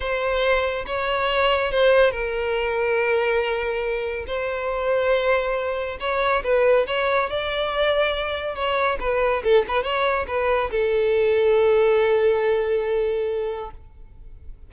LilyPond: \new Staff \with { instrumentName = "violin" } { \time 4/4 \tempo 4 = 140 c''2 cis''2 | c''4 ais'2.~ | ais'2 c''2~ | c''2 cis''4 b'4 |
cis''4 d''2. | cis''4 b'4 a'8 b'8 cis''4 | b'4 a'2.~ | a'1 | }